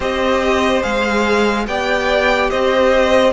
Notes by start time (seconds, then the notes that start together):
0.00 C4 G4 C5 D#5
0.82 G#3 G#4 F5
1.67 B3 G4 D5 G5
2.50 C4 C5 D#5